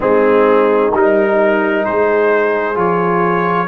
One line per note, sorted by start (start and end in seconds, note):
0.00 0.93 G#3
0.00 0.92 C4
0.00 1.84 D#4
0.00 0.93 G#4
0.93 1.85 G3
0.93 2.74 D#4
0.93 1.85 A#4
1.85 2.75 G#3
1.85 3.67 G#4
1.85 2.77 C5
2.74 3.67 F3
2.74 3.67 F4
2.74 3.67 C#5